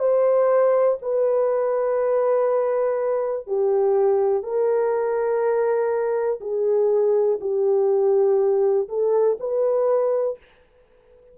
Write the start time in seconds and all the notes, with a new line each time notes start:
0.00 C5
1.02 B4
3.47 G4
4.44 A#4
6.41 G#4
7.41 G4
8.89 A4
9.40 B4